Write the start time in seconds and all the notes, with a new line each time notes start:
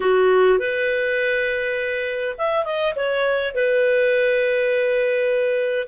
0.00 F#4
0.59 B4
2.37 E5
2.64 D#5
2.95 C#5
3.54 B4